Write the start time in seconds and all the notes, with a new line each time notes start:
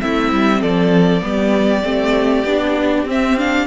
0.00 A3 C4 E4 E5
0.33 G3
0.61 F3 A4 D5
1.21 G3 B3 G4
1.83 A3 C4
2.44 B3 D4
3.05 C4 E5
3.38 D4 F5